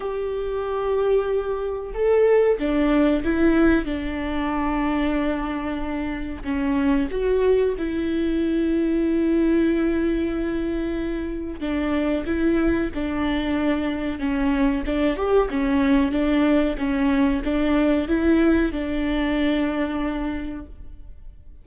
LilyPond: \new Staff \with { instrumentName = "viola" } { \time 4/4 \tempo 4 = 93 g'2. a'4 | d'4 e'4 d'2~ | d'2 cis'4 fis'4 | e'1~ |
e'2 d'4 e'4 | d'2 cis'4 d'8 g'8 | cis'4 d'4 cis'4 d'4 | e'4 d'2. | }